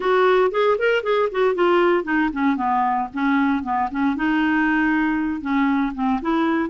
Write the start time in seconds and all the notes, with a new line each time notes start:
0.00 F#4
0.51 G#4
0.78 A#4
1.03 G#4
1.31 F#4
1.54 F4
2.04 D#4
2.33 C#4
2.56 B3
3.13 C#4
3.63 B3
3.91 C#4
4.15 D#4
5.41 C#4
5.94 C4
6.21 E4